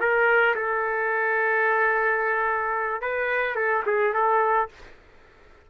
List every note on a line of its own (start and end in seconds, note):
0.00 0.55 A#4
0.56 3.01 A4
3.01 3.56 B4
3.56 3.83 A4
3.86 4.14 G#4
4.14 4.69 A4